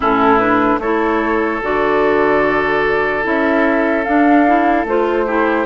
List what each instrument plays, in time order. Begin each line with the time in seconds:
0.00 bassoon A2, clarinet C#4, oboe E4, flute A4
0.38 clarinet D4, flute B4
0.79 bassoon A3, clarinet E4, oboe A4, flute C#5
1.62 bassoon D3, clarinet F#4, flute D5
3.23 bassoon C#4, clarinet E4, flute E5
4.04 clarinet D4, bassoon D4, flute F5
4.46 clarinet E4
4.84 bassoon A3, clarinet F4, flute C5
5.26 clarinet E4, oboe G4